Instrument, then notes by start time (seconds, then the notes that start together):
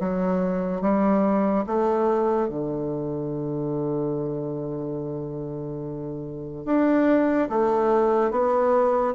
bassoon
0.00 F#3
0.82 G3
1.67 A3
2.49 D3
6.66 D4
7.50 A3
8.31 B3